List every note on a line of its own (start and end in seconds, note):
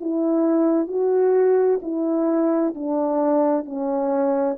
0.00 0.87 E4
0.87 1.80 F#4
1.82 2.74 E4
2.74 3.65 D4
3.65 4.57 C#4